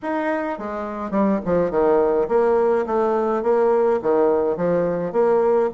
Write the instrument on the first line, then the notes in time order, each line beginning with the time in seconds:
bassoon
0.02 D#4
0.58 G#3
1.10 G3
1.45 F3
1.70 D#3
2.28 A#3
2.86 A3
3.42 A#3
4.02 D#3
4.56 F3
5.12 A#3